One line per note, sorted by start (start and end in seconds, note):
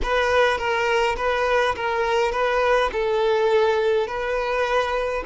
0.03 0.57 B4
0.57 1.16 A#4
1.17 1.75 B4
1.75 2.32 A#4
2.32 2.90 B4
2.92 4.07 A4
4.07 5.23 B4